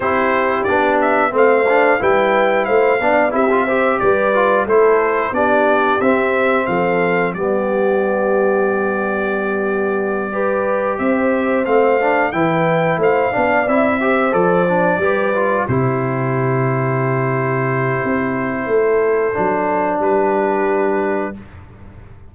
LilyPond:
<<
  \new Staff \with { instrumentName = "trumpet" } { \time 4/4 \tempo 4 = 90 c''4 d''8 e''8 f''4 g''4 | f''4 e''4 d''4 c''4 | d''4 e''4 f''4 d''4~ | d''1~ |
d''8 e''4 f''4 g''4 f''8~ | f''8 e''4 d''2 c''8~ | c''1~ | c''2 b'2 | }
  \new Staff \with { instrumentName = "horn" } { \time 4/4 g'2 c''4 b'4 | c''8 d''8 g'8 c''8 b'4 a'4 | g'2 a'4 g'4~ | g'2.~ g'8 b'8~ |
b'8 c''2 b'4 c''8 | d''4 c''4. b'4 g'8~ | g'1 | a'2 g'2 | }
  \new Staff \with { instrumentName = "trombone" } { \time 4/4 e'4 d'4 c'8 d'8 e'4~ | e'8 d'8 e'16 f'16 g'4 f'8 e'4 | d'4 c'2 b4~ | b2.~ b8 g'8~ |
g'4. c'8 d'8 e'4. | d'8 e'8 g'8 a'8 d'8 g'8 f'8 e'8~ | e'1~ | e'4 d'2. | }
  \new Staff \with { instrumentName = "tuba" } { \time 4/4 c'4 b4 a4 g4 | a8 b8 c'4 g4 a4 | b4 c'4 f4 g4~ | g1~ |
g8 c'4 a4 e4 a8 | b8 c'4 f4 g4 c8~ | c2. c'4 | a4 fis4 g2 | }
>>